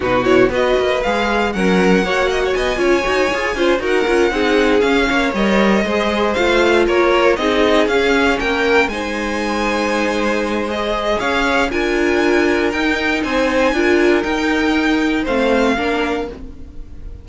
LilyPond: <<
  \new Staff \with { instrumentName = "violin" } { \time 4/4 \tempo 4 = 118 b'8 cis''8 dis''4 f''4 fis''4~ | fis''4 gis''2~ gis''8 fis''8~ | fis''4. f''4 dis''4.~ | dis''8 f''4 cis''4 dis''4 f''8~ |
f''8 g''4 gis''2~ gis''8~ | gis''4 dis''4 f''4 gis''4~ | gis''4 g''4 gis''2 | g''2 f''2 | }
  \new Staff \with { instrumentName = "violin" } { \time 4/4 fis'4 b'2 ais'4 | cis''8 dis''16 cis''16 dis''8 cis''4. c''8 ais'8~ | ais'8 gis'4. cis''4. c''8~ | c''4. ais'4 gis'4.~ |
gis'8 ais'4 c''2~ c''8~ | c''2 cis''4 ais'4~ | ais'2 c''4 ais'4~ | ais'2 c''4 ais'4 | }
  \new Staff \with { instrumentName = "viola" } { \time 4/4 dis'8 e'8 fis'4 gis'4 cis'4 | fis'4. f'8 fis'8 gis'8 f'8 fis'8 | f'8 dis'4 cis'4 ais'4 gis'8~ | gis'8 f'2 dis'4 cis'8~ |
cis'4. dis'2~ dis'8~ | dis'4 gis'2 f'4~ | f'4 dis'2 f'4 | dis'2 c'4 d'4 | }
  \new Staff \with { instrumentName = "cello" } { \time 4/4 b,4 b8 ais8 gis4 fis4 | ais4 b8 cis'8 dis'8 f'8 cis'8 dis'8 | cis'8 c'4 cis'8 ais8 g4 gis8~ | gis8 a4 ais4 c'4 cis'8~ |
cis'8 ais4 gis2~ gis8~ | gis2 cis'4 d'4~ | d'4 dis'4 c'4 d'4 | dis'2 a4 ais4 | }
>>